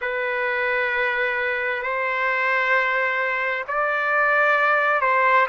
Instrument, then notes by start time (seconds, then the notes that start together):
trumpet
0.01 B4
1.82 C5
3.67 D5
5.01 C5